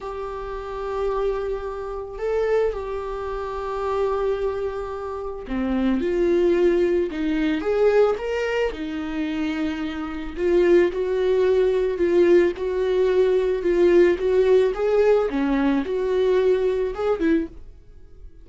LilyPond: \new Staff \with { instrumentName = "viola" } { \time 4/4 \tempo 4 = 110 g'1 | a'4 g'2.~ | g'2 c'4 f'4~ | f'4 dis'4 gis'4 ais'4 |
dis'2. f'4 | fis'2 f'4 fis'4~ | fis'4 f'4 fis'4 gis'4 | cis'4 fis'2 gis'8 e'8 | }